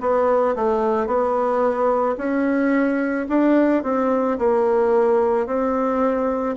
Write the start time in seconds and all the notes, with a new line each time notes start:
0.00 B3
0.56 A3
1.06 B3
2.17 C#4
3.29 D4
3.83 C4
4.38 A#3
5.46 C4